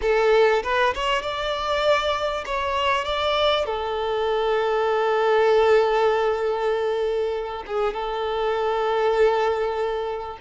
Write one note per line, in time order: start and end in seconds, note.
0.01 0.62 A4
0.63 0.94 B4
0.94 1.21 C#5
1.21 2.44 D5
2.45 3.04 C#5
3.04 3.65 D5
3.65 7.63 A4
7.66 7.93 G#4
7.93 10.38 A4